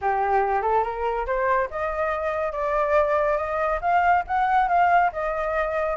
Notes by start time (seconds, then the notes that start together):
0.01 G4
0.62 A4
0.83 A#4
1.26 C5
1.70 D#5
2.52 D5
3.37 D#5
3.81 F5
4.27 F#5
4.68 F5
5.12 D#5